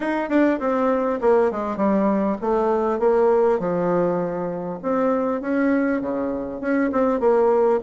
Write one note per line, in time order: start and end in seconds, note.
0.00 0.29 D#4
0.29 0.59 D4
0.59 1.19 C4
1.21 1.51 A#3
1.51 1.76 G#3
1.76 2.36 G3
2.41 2.99 A3
2.99 3.59 A#3
3.59 4.79 F3
4.82 5.41 C4
5.41 6.01 C#4
6.01 6.61 C#3
6.61 6.91 C#4
6.92 7.20 C4
7.20 7.80 A#3